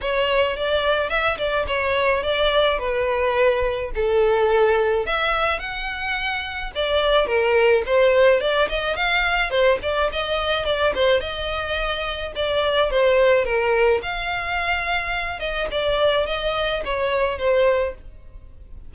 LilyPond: \new Staff \with { instrumentName = "violin" } { \time 4/4 \tempo 4 = 107 cis''4 d''4 e''8 d''8 cis''4 | d''4 b'2 a'4~ | a'4 e''4 fis''2 | d''4 ais'4 c''4 d''8 dis''8 |
f''4 c''8 d''8 dis''4 d''8 c''8 | dis''2 d''4 c''4 | ais'4 f''2~ f''8 dis''8 | d''4 dis''4 cis''4 c''4 | }